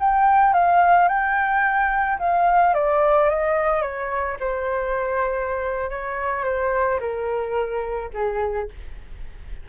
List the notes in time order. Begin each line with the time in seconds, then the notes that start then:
0.00 G5
0.54 F5
1.08 G5
2.19 F5
2.74 D5
3.30 D#5
3.82 C#5
4.40 C5
5.90 C#5
6.45 C5
7.00 A#4
8.13 G#4